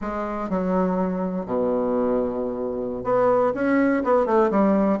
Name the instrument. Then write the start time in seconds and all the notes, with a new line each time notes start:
bassoon
0.01 G#3
0.49 F#3
1.45 B2
3.04 B3
3.54 C#4
4.04 B3
4.25 A3
4.50 G3